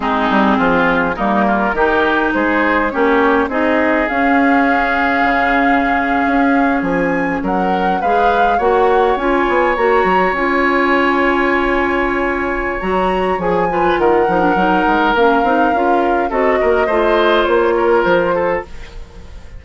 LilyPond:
<<
  \new Staff \with { instrumentName = "flute" } { \time 4/4 \tempo 4 = 103 gis'2 ais'2 | c''4 cis''4 dis''4 f''4~ | f''2.~ f''8. gis''16~ | gis''8. fis''4 f''4 fis''4 gis''16~ |
gis''8. ais''4 gis''2~ gis''16~ | gis''2 ais''4 gis''4 | fis''2 f''2 | dis''2 cis''4 c''4 | }
  \new Staff \with { instrumentName = "oboe" } { \time 4/4 dis'4 f'4 dis'8 f'8 g'4 | gis'4 g'4 gis'2~ | gis'1~ | gis'8. ais'4 b'4 cis''4~ cis''16~ |
cis''1~ | cis''2.~ cis''8 b'8 | ais'1 | a'8 ais'8 c''4. ais'4 a'8 | }
  \new Staff \with { instrumentName = "clarinet" } { \time 4/4 c'2 ais4 dis'4~ | dis'4 cis'4 dis'4 cis'4~ | cis'1~ | cis'4.~ cis'16 gis'4 fis'4 f'16~ |
f'8. fis'4 f'2~ f'16~ | f'2 fis'4 gis'8 f'8~ | f'8 dis'16 d'16 dis'4 cis'8 dis'8 f'4 | fis'4 f'2. | }
  \new Staff \with { instrumentName = "bassoon" } { \time 4/4 gis8 g8 f4 g4 dis4 | gis4 ais4 c'4 cis'4~ | cis'4 cis4.~ cis16 cis'4 f16~ | f8. fis4 gis4 ais4 cis'16~ |
cis'16 b8 ais8 fis8 cis'2~ cis'16~ | cis'2 fis4 f4 | dis8 f8 fis8 gis8 ais8 c'8 cis'4 | c'8 ais8 a4 ais4 f4 | }
>>